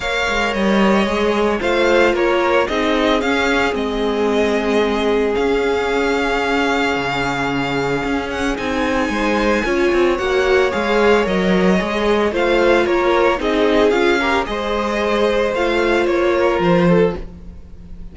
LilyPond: <<
  \new Staff \with { instrumentName = "violin" } { \time 4/4 \tempo 4 = 112 f''4 dis''2 f''4 | cis''4 dis''4 f''4 dis''4~ | dis''2 f''2~ | f''2.~ f''8 fis''8 |
gis''2. fis''4 | f''4 dis''2 f''4 | cis''4 dis''4 f''4 dis''4~ | dis''4 f''4 cis''4 c''4 | }
  \new Staff \with { instrumentName = "violin" } { \time 4/4 cis''2. c''4 | ais'4 gis'2.~ | gis'1~ | gis'1~ |
gis'4 c''4 cis''2~ | cis''2. c''4 | ais'4 gis'4. ais'8 c''4~ | c''2~ c''8 ais'4 a'8 | }
  \new Staff \with { instrumentName = "viola" } { \time 4/4 ais'2 gis'4 f'4~ | f'4 dis'4 cis'4 c'4~ | c'2 cis'2~ | cis'1 |
dis'2 f'4 fis'4 | gis'4 ais'4 gis'4 f'4~ | f'4 dis'4 f'8 g'8 gis'4~ | gis'4 f'2. | }
  \new Staff \with { instrumentName = "cello" } { \time 4/4 ais8 gis8 g4 gis4 a4 | ais4 c'4 cis'4 gis4~ | gis2 cis'2~ | cis'4 cis2 cis'4 |
c'4 gis4 cis'8 c'8 ais4 | gis4 fis4 gis4 a4 | ais4 c'4 cis'4 gis4~ | gis4 a4 ais4 f4 | }
>>